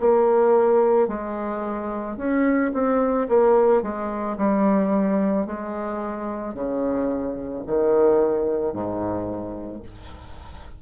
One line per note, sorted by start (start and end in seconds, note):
0.00 1.08 A#3
1.08 2.17 G#3
2.17 2.72 C#4
2.73 3.28 C4
3.28 3.82 A#3
3.82 4.37 G#3
4.37 5.46 G3
5.46 6.54 G#3
6.54 7.63 C#3
7.67 8.73 D#3
8.73 9.82 G#2